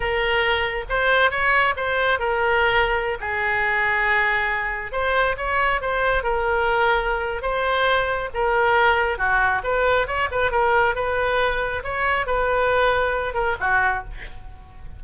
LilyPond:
\new Staff \with { instrumentName = "oboe" } { \time 4/4 \tempo 4 = 137 ais'2 c''4 cis''4 | c''4 ais'2~ ais'16 gis'8.~ | gis'2.~ gis'16 c''8.~ | c''16 cis''4 c''4 ais'4.~ ais'16~ |
ais'4 c''2 ais'4~ | ais'4 fis'4 b'4 cis''8 b'8 | ais'4 b'2 cis''4 | b'2~ b'8 ais'8 fis'4 | }